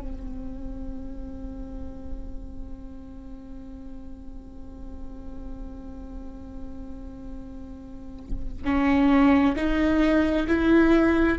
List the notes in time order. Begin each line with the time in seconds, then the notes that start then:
0.00 C4
8.64 C#4
9.56 D#4
10.48 E4